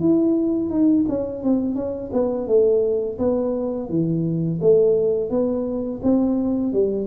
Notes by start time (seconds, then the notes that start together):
0.00 E4
0.70 D#4
1.08 C#4
1.43 C4
1.75 C#4
2.13 B3
2.47 A3
3.19 B3
3.89 E3
4.61 A3
5.30 B3
6.03 C4
6.73 G3